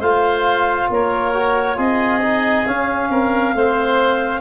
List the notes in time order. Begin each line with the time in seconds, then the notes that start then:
0.00 A3 F4 C5 F5
0.90 A#3 A#4 C#5
1.34 F#4
1.76 C4 F4 G#4 D#5
2.21 D#4
2.66 C#4 F5
3.10 C4 A#4
3.54 A3 C4 C5